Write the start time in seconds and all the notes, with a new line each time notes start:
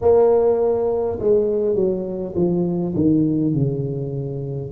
0.01 A#3
1.19 G#3
1.75 F#3
2.35 F3
2.95 D#3
3.53 C#3